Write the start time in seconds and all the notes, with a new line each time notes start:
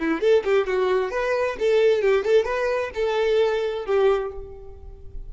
0.00 E4
0.21 A4
0.45 G4
0.67 F#4
1.11 B4
1.60 A4
2.02 G4
2.25 A4
2.45 B4
2.95 A4
3.86 G4